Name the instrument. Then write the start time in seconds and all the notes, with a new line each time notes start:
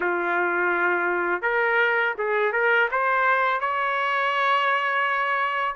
trumpet
0.00 F4
1.42 A#4
2.18 G#4
2.52 A#4
2.91 C5
3.60 C#5